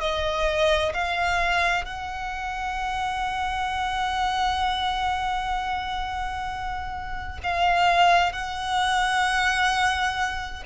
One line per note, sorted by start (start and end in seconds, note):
0.00 0.92 D#5
0.93 1.85 F5
1.85 7.38 F#5
7.43 8.32 F5
8.32 10.63 F#5